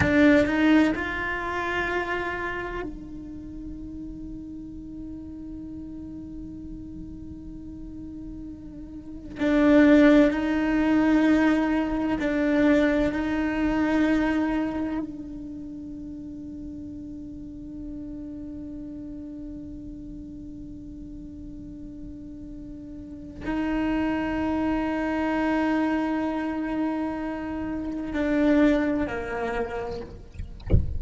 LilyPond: \new Staff \with { instrumentName = "cello" } { \time 4/4 \tempo 4 = 64 d'8 dis'8 f'2 dis'4~ | dis'1~ | dis'2 d'4 dis'4~ | dis'4 d'4 dis'2 |
d'1~ | d'1~ | d'4 dis'2.~ | dis'2 d'4 ais4 | }